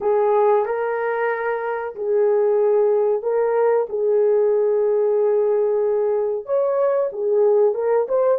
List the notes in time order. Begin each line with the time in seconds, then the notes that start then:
0.01 G#4
0.65 A#4
1.95 G#4
3.22 A#4
3.89 G#4
6.45 C#5
7.12 G#4
7.74 A#4
8.08 C5